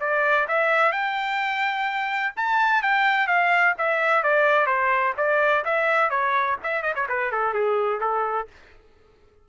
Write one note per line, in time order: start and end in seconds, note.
0.00 0.47 D5
0.48 0.92 E5
0.92 2.34 G5
2.36 2.83 A5
2.83 3.27 G5
3.27 3.75 F5
3.78 4.23 E5
4.23 4.67 D5
4.67 5.14 C5
5.17 5.65 D5
5.65 6.10 E5
6.10 6.57 C#5
6.63 6.82 E5
6.82 6.94 D#5
6.95 7.07 C#5
7.09 7.32 B4
7.32 7.54 A4
7.54 8.00 G#4
8.00 8.48 A4